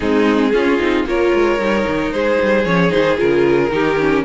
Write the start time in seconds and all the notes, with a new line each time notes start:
0.00 G#3 C4 D#4 G#4
0.52 C#4 F4
0.79 C4 D#4
1.05 A#3 F4 A#4 C#5
1.34 G#3
1.58 G3 D#4
1.87 D#3
2.11 G#3 G#4 C5
2.41 G3
2.65 F3 C#4 C#5
2.89 D#3 D#4 C5
3.16 C#3 F4 A#4
3.69 D#3 D#4 G4
3.99 C#4